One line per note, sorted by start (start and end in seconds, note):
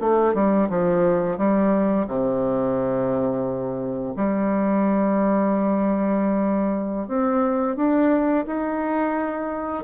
0.00 0.34 A3
0.34 0.68 G3
0.69 1.38 F3
1.38 2.07 G3
2.07 4.14 C3
4.16 7.08 G3
7.08 7.76 C4
7.76 8.45 D4
8.46 9.84 D#4